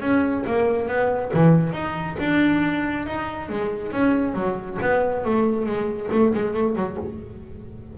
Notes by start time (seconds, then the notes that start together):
0.00 C#4
0.46 A#3
0.88 B3
1.33 E3
1.73 D#4
2.19 D4
3.06 D#4
3.49 G#3
3.92 C#4
4.34 F#3
4.81 B3
5.25 A3
5.66 G#3
6.11 A3
6.34 G#3
6.54 A3
6.75 F#3